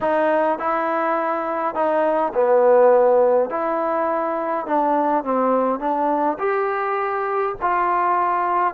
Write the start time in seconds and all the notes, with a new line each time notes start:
0.00 D#4
0.58 E4
1.74 D#4
2.34 B3
3.50 E4
4.66 D4
5.23 C4
5.79 D4
6.38 G4
7.61 F4